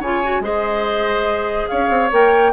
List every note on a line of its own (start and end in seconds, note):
0.00 0.40 C#3
0.00 0.24 F4
0.00 0.42 C#5
0.00 0.44 G#5
0.24 0.43 F#4
0.40 1.66 G#3
0.40 2.11 G#4
0.40 1.70 C5
0.40 1.68 D#5
1.68 1.90 C#4
1.68 2.53 C#5
1.68 2.10 F5
1.90 2.11 C4
2.12 2.53 A#3
2.12 2.53 A#4
2.12 2.53 G5